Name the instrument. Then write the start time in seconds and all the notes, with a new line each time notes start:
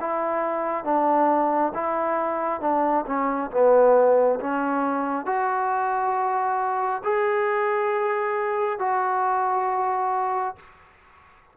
trombone
0.00 E4
0.84 D4
1.74 E4
2.61 D4
3.06 C#4
3.51 B3
4.40 C#4
5.25 F#4
7.04 G#4
8.79 F#4